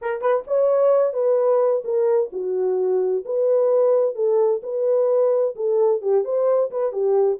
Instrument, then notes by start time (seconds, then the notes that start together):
horn
0.01 A#4
0.21 B4
0.47 C#5
1.13 B4
1.84 A#4
2.32 F#4
3.25 B4
4.15 A4
4.62 B4
5.55 A4
6.01 G4
6.24 C5
6.70 B4
6.92 G4